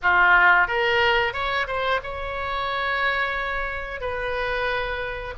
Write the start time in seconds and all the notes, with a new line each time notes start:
0.02 F4
0.67 A#4
1.33 C#5
1.67 C5
2.03 C#5
4.00 B4